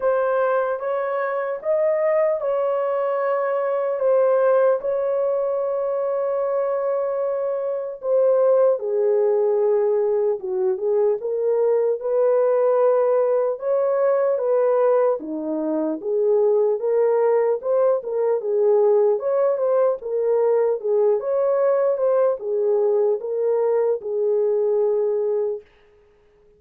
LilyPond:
\new Staff \with { instrumentName = "horn" } { \time 4/4 \tempo 4 = 75 c''4 cis''4 dis''4 cis''4~ | cis''4 c''4 cis''2~ | cis''2 c''4 gis'4~ | gis'4 fis'8 gis'8 ais'4 b'4~ |
b'4 cis''4 b'4 dis'4 | gis'4 ais'4 c''8 ais'8 gis'4 | cis''8 c''8 ais'4 gis'8 cis''4 c''8 | gis'4 ais'4 gis'2 | }